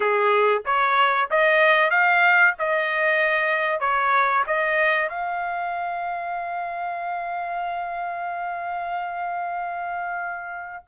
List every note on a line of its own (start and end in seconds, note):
0.00 0.62 G#4
0.65 1.29 C#5
1.30 1.90 D#5
1.90 2.54 F5
2.59 3.80 D#5
3.80 4.44 C#5
4.47 5.09 D#5
5.09 10.83 F5